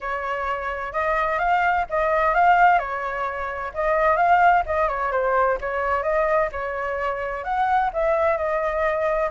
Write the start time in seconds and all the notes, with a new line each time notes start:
0.00 C#5
0.93 D#5
1.38 F5
1.89 D#5
2.34 F5
2.78 C#5
3.74 D#5
4.16 F5
4.66 D#5
4.88 C#5
5.11 C5
5.60 C#5
6.02 D#5
6.52 C#5
7.44 F#5
7.93 E5
8.37 D#5